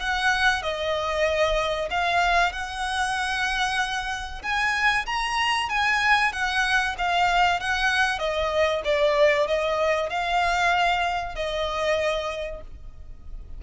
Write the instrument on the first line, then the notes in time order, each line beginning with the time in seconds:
violin
0.00 F#5
0.63 D#5
1.91 F5
2.53 F#5
4.43 G#5
5.06 A#5
5.70 G#5
6.33 F#5
6.98 F5
7.60 F#5
8.19 D#5
8.85 D5
9.47 D#5
10.10 F5
11.35 D#5